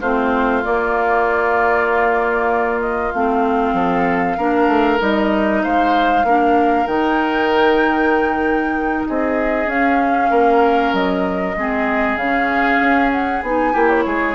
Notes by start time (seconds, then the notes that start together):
0.00 A3 C4 F4 C5
0.63 A#3 D5
2.80 D#5
3.13 A3 C4 F5
3.73 F3 A4
4.37 A#3 D4 A#4
4.67 A3
4.99 G3 D#4 D#5
5.62 G#3 C5 F5
6.23 A#3 D4 A#4
6.86 D#3 D#4 G5
9.07 C4 G#4 D#5
9.66 C#4 F5
10.30 A#3 A#4
10.92 F#3 D#5
11.56 G#3 C4 G#4
12.15 C#3 F5
12.22 C#4
12.80 C#4
13.11 F#5
13.42 B3 D#4 G#5
13.72 A#3 E4 G4
13.89 C#5
14.05 G#3 G#4